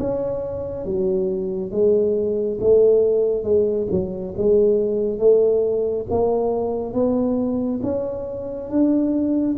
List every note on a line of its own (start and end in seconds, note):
0.00 0.86 C#4
0.86 1.72 F#3
1.72 2.59 G#3
2.61 3.44 A3
3.44 3.88 G#3
3.91 4.35 F#3
4.38 5.19 G#3
5.19 6.06 A3
6.10 6.94 A#3
6.94 7.81 B3
7.83 8.70 C#4
8.70 9.57 D4